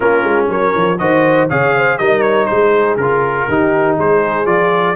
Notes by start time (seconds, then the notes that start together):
0.00 A#3 C#4 F4 A#4
0.23 G#3
0.48 F#3 A#4 C#5
0.74 F3
0.98 D#3 F#4 C5 D#5
1.49 C#3 G#4 C#5 F5
1.74 C5
1.98 G3 D#4 A#4 D#5
2.21 C#5
2.45 G#3 G#4 C5
2.96 C#3 F4 A#4
3.48 D#3 D#4 G4
3.97 G#3 G#4 C5
4.45 F3 F4 D5